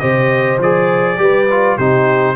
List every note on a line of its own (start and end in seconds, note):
0.00 0.59 C3
0.00 0.60 G4
0.00 1.19 C5
0.00 0.59 D#5
0.59 1.18 F3
0.59 1.18 G#4
0.59 1.78 D5
1.18 1.78 G3
1.18 1.47 G4
1.18 1.77 B4
1.51 1.80 F4
1.77 2.36 C3
1.77 2.36 D#4
1.77 2.36 G4
1.77 2.36 C5